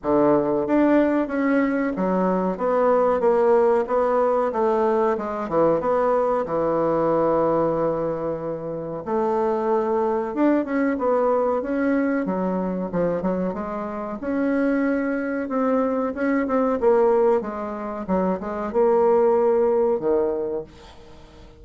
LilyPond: \new Staff \with { instrumentName = "bassoon" } { \time 4/4 \tempo 4 = 93 d4 d'4 cis'4 fis4 | b4 ais4 b4 a4 | gis8 e8 b4 e2~ | e2 a2 |
d'8 cis'8 b4 cis'4 fis4 | f8 fis8 gis4 cis'2 | c'4 cis'8 c'8 ais4 gis4 | fis8 gis8 ais2 dis4 | }